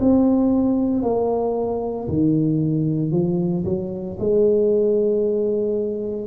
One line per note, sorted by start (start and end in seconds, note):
0.00 1.02 C4
1.02 2.08 A#3
2.09 3.11 D#3
3.11 3.64 F3
3.65 4.17 F#3
4.19 6.27 G#3